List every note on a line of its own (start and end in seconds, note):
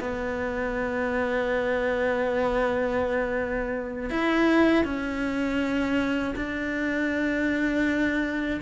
0.00 4.10 B3
4.10 4.85 E4
4.85 6.35 C#4
6.36 8.61 D4